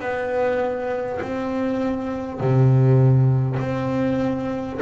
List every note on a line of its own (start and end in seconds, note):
0.00 1.20 B3
1.22 2.40 C4
2.40 3.60 C3
3.60 4.80 C4